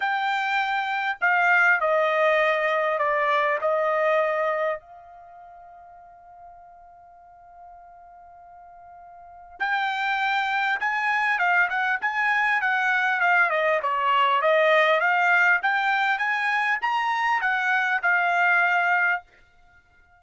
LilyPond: \new Staff \with { instrumentName = "trumpet" } { \time 4/4 \tempo 4 = 100 g''2 f''4 dis''4~ | dis''4 d''4 dis''2 | f''1~ | f''1 |
g''2 gis''4 f''8 fis''8 | gis''4 fis''4 f''8 dis''8 cis''4 | dis''4 f''4 g''4 gis''4 | ais''4 fis''4 f''2 | }